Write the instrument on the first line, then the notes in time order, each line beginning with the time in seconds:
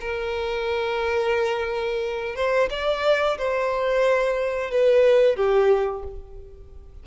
violin
0.00 A#4
2.35 C5
2.70 D5
3.38 C5
4.71 B4
5.36 G4